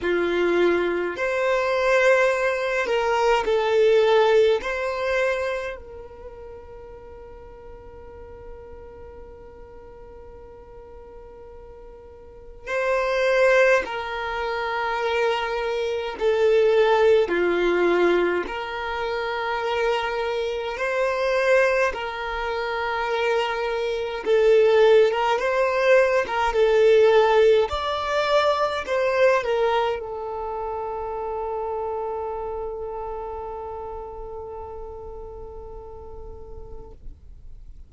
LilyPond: \new Staff \with { instrumentName = "violin" } { \time 4/4 \tempo 4 = 52 f'4 c''4. ais'8 a'4 | c''4 ais'2.~ | ais'2. c''4 | ais'2 a'4 f'4 |
ais'2 c''4 ais'4~ | ais'4 a'8. ais'16 c''8. ais'16 a'4 | d''4 c''8 ais'8 a'2~ | a'1 | }